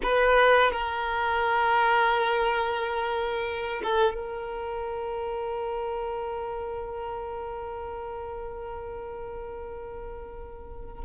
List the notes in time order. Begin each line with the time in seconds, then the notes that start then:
0.02 B4
0.71 A#4
3.83 A4
4.14 A#4